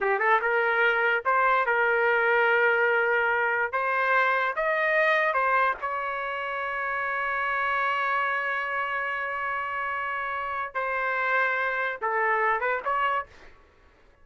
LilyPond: \new Staff \with { instrumentName = "trumpet" } { \time 4/4 \tempo 4 = 145 g'8 a'8 ais'2 c''4 | ais'1~ | ais'4 c''2 dis''4~ | dis''4 c''4 cis''2~ |
cis''1~ | cis''1~ | cis''2 c''2~ | c''4 a'4. b'8 cis''4 | }